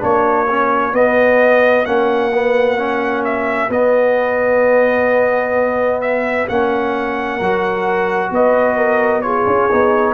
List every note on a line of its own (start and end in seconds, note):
0.00 0.93 A#3
0.00 0.46 D4
0.00 7.36 F#4
0.00 0.95 C#5
0.50 0.93 C#4
0.93 1.86 B3
0.93 1.85 D#5
1.85 3.69 A#3
1.85 2.32 C#4
1.85 3.24 F#5
2.33 2.77 B3
2.77 3.69 C#4
3.24 3.71 E5
3.69 6.46 B3
3.69 6.48 B3
3.69 6.01 D#5
6.01 6.47 E5
6.48 7.41 A#3
6.48 7.41 C#4
6.48 8.33 F#5
7.36 8.30 F#3
7.36 9.23 F#4
7.36 8.29 A#4
8.30 9.46 B3
8.30 8.77 B4
8.30 9.22 D#5
8.77 9.23 A#4
9.22 9.69 F4
9.22 10.14 G#4
9.22 10.14 C#5
9.47 9.70 C#4
9.71 10.14 B3
9.71 10.14 D#4